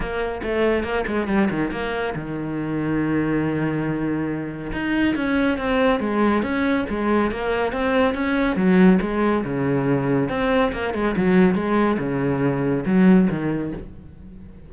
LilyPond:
\new Staff \with { instrumentName = "cello" } { \time 4/4 \tempo 4 = 140 ais4 a4 ais8 gis8 g8 dis8 | ais4 dis2.~ | dis2. dis'4 | cis'4 c'4 gis4 cis'4 |
gis4 ais4 c'4 cis'4 | fis4 gis4 cis2 | c'4 ais8 gis8 fis4 gis4 | cis2 fis4 dis4 | }